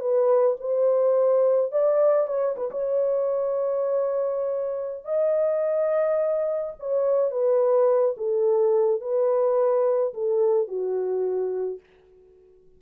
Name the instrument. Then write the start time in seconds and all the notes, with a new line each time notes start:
horn
0.00 B4
0.60 C5
1.72 D5
2.27 C#5
2.56 B4
2.71 C#5
5.04 D#5
6.79 C#5
7.31 B4
8.17 A4
9.01 B4
10.13 A4
10.68 F#4